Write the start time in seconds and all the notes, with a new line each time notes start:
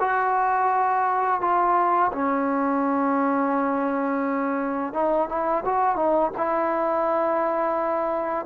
0.00 F#4
1.41 F4
2.12 C#4
4.94 D#4
5.29 E4
5.65 F#4
5.96 D#4
6.38 E4